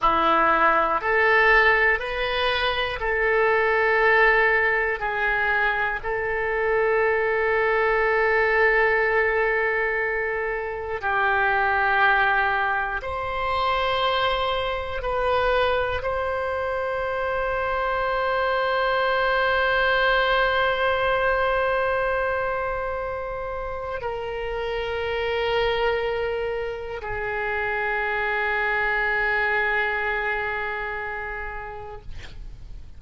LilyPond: \new Staff \with { instrumentName = "oboe" } { \time 4/4 \tempo 4 = 60 e'4 a'4 b'4 a'4~ | a'4 gis'4 a'2~ | a'2. g'4~ | g'4 c''2 b'4 |
c''1~ | c''1 | ais'2. gis'4~ | gis'1 | }